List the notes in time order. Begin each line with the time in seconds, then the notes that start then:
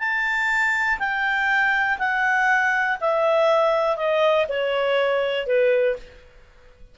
0.00 A5
0.99 G5
1.99 F#5
3.01 E5
3.97 D#5
4.49 C#5
5.47 B4